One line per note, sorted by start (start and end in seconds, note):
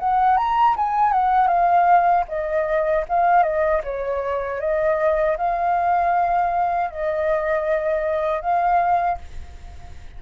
0.00 0.37 F#5
0.37 0.76 A#5
0.77 1.13 G#5
1.13 1.48 F#5
1.48 2.24 F5
2.29 3.06 D#5
3.09 3.43 F5
3.43 3.82 D#5
3.84 4.60 C#5
4.60 5.37 D#5
5.38 6.91 F5
6.91 8.41 D#5
8.41 9.18 F5